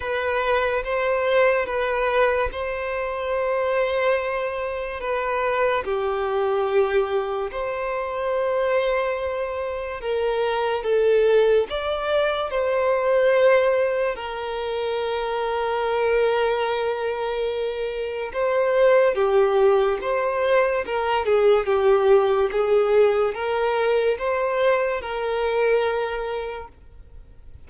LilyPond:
\new Staff \with { instrumentName = "violin" } { \time 4/4 \tempo 4 = 72 b'4 c''4 b'4 c''4~ | c''2 b'4 g'4~ | g'4 c''2. | ais'4 a'4 d''4 c''4~ |
c''4 ais'2.~ | ais'2 c''4 g'4 | c''4 ais'8 gis'8 g'4 gis'4 | ais'4 c''4 ais'2 | }